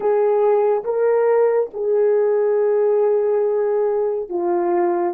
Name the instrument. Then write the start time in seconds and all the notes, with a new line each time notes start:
horn
0.00 G#4
0.84 A#4
1.73 G#4
4.29 F4